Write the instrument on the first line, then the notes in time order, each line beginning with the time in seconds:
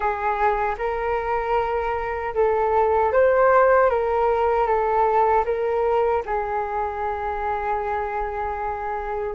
flute
0.00 G#4
0.78 A#4
2.34 A4
3.12 C5
3.90 A#4
4.66 A4
5.45 A#4
6.26 G#4